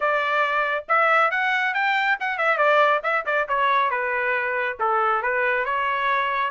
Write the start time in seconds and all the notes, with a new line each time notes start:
0.00 D5
0.88 E5
1.30 F#5
1.74 G5
2.20 F#5
2.38 E5
2.57 D5
3.03 E5
3.25 D5
3.48 C#5
3.90 B4
4.79 A4
5.22 B4
5.65 C#5